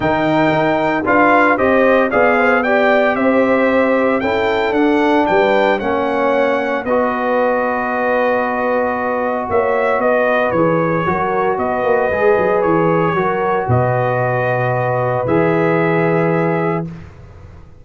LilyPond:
<<
  \new Staff \with { instrumentName = "trumpet" } { \time 4/4 \tempo 4 = 114 g''2 f''4 dis''4 | f''4 g''4 e''2 | g''4 fis''4 g''4 fis''4~ | fis''4 dis''2.~ |
dis''2 e''4 dis''4 | cis''2 dis''2 | cis''2 dis''2~ | dis''4 e''2. | }
  \new Staff \with { instrumentName = "horn" } { \time 4/4 ais'2 b'4 c''4 | d''8 c''8 d''4 c''2 | a'2 b'4 cis''4~ | cis''4 b'2.~ |
b'2 cis''4 b'4~ | b'4 ais'4 b'2~ | b'4 ais'4 b'2~ | b'1 | }
  \new Staff \with { instrumentName = "trombone" } { \time 4/4 dis'2 f'4 g'4 | gis'4 g'2. | e'4 d'2 cis'4~ | cis'4 fis'2.~ |
fis'1 | gis'4 fis'2 gis'4~ | gis'4 fis'2.~ | fis'4 gis'2. | }
  \new Staff \with { instrumentName = "tuba" } { \time 4/4 dis4 dis'4 d'4 c'4 | b2 c'2 | cis'4 d'4 g4 ais4~ | ais4 b2.~ |
b2 ais4 b4 | e4 fis4 b8 ais8 gis8 fis8 | e4 fis4 b,2~ | b,4 e2. | }
>>